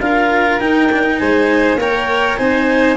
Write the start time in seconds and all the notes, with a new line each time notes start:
0.00 D4 F4 A#4 F5
0.60 D#4 G5
0.92 D4
1.03 D#4
1.19 G#3 C5 G#5
1.75 A#3 A#4 C#5 G5
2.37 C4 D#4 C5 G#5